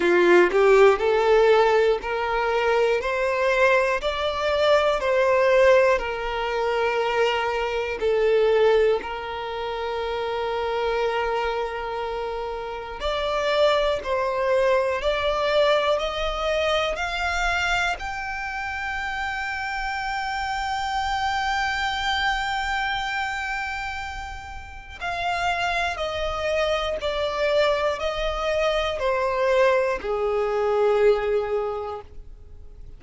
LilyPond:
\new Staff \with { instrumentName = "violin" } { \time 4/4 \tempo 4 = 60 f'8 g'8 a'4 ais'4 c''4 | d''4 c''4 ais'2 | a'4 ais'2.~ | ais'4 d''4 c''4 d''4 |
dis''4 f''4 g''2~ | g''1~ | g''4 f''4 dis''4 d''4 | dis''4 c''4 gis'2 | }